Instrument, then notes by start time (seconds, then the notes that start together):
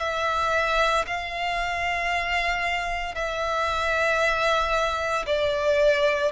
violin
0.00 E5
1.07 F5
3.15 E5
5.27 D5